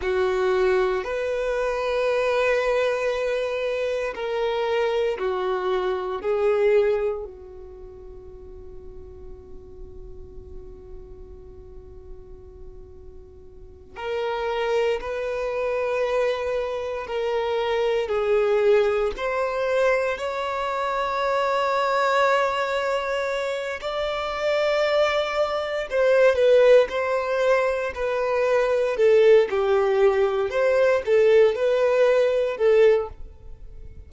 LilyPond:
\new Staff \with { instrumentName = "violin" } { \time 4/4 \tempo 4 = 58 fis'4 b'2. | ais'4 fis'4 gis'4 fis'4~ | fis'1~ | fis'4. ais'4 b'4.~ |
b'8 ais'4 gis'4 c''4 cis''8~ | cis''2. d''4~ | d''4 c''8 b'8 c''4 b'4 | a'8 g'4 c''8 a'8 b'4 a'8 | }